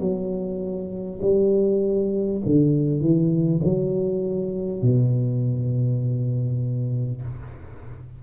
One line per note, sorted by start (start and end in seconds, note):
0.00 1.20 F#3
1.22 2.42 G3
2.46 3.01 D3
3.01 3.61 E3
3.64 4.83 F#3
4.83 7.23 B2